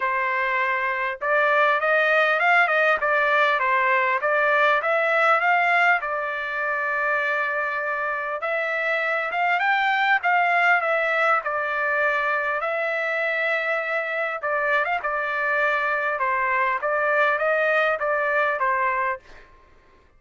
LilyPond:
\new Staff \with { instrumentName = "trumpet" } { \time 4/4 \tempo 4 = 100 c''2 d''4 dis''4 | f''8 dis''8 d''4 c''4 d''4 | e''4 f''4 d''2~ | d''2 e''4. f''8 |
g''4 f''4 e''4 d''4~ | d''4 e''2. | d''8. f''16 d''2 c''4 | d''4 dis''4 d''4 c''4 | }